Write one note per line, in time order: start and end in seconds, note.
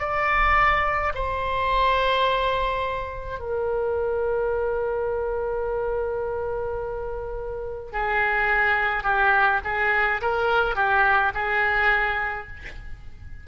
0.00 1.13 D5
1.15 3.40 C5
3.40 7.92 A#4
7.92 9.04 G#4
9.04 9.60 G4
9.64 10.21 G#4
10.21 10.76 A#4
10.76 11.33 G4
11.34 12.47 G#4